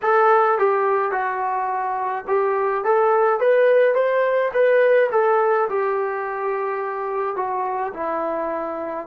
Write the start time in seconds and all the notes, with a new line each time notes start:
0.02 A4
0.58 G4
1.11 F#4
2.27 G4
2.84 A4
3.40 B4
3.95 C5
4.53 B4
5.11 A4
5.69 G4
7.36 F#4
7.93 E4